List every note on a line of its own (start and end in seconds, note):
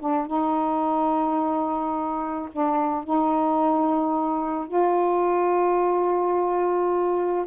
0.00 0.27 D4
0.27 2.49 D#4
2.52 3.04 D4
3.04 4.68 D#4
4.68 7.46 F4